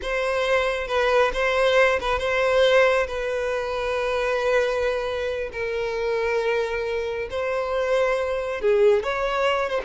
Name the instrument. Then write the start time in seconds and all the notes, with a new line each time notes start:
violin
0.02 C5
0.87 B4
1.33 C5
2.00 B4
2.18 C5
3.07 B4
5.52 A#4
7.30 C5
8.61 G#4
9.03 C#5
9.69 C5